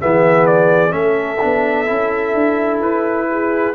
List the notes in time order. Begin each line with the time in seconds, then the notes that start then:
0.00 E3 B3 G#4 E5
0.46 D5
0.89 A3 C#4 A4 E5
1.40 B3 D4
1.86 C#4 E4
2.34 D4
2.79 E4 B4
3.29 G#4